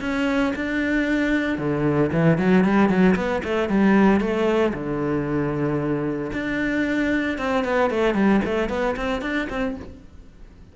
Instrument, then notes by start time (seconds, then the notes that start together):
cello
0.00 C#4
0.55 D4
1.58 D3
2.12 E3
2.38 F#3
2.64 G3
2.89 F#3
3.15 B3
3.44 A3
3.68 G3
4.20 A3
4.73 D3
6.32 D4
7.38 C4
7.64 B3
7.90 A3
8.14 G3
8.44 A3
8.69 B3
8.96 C4
9.21 D4
9.49 C4